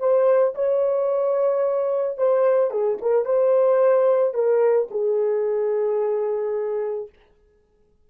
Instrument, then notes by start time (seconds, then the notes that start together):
horn
0.00 C5
0.55 C#5
2.18 C5
2.71 G#4
3.02 A#4
3.26 C5
4.35 A#4
4.91 G#4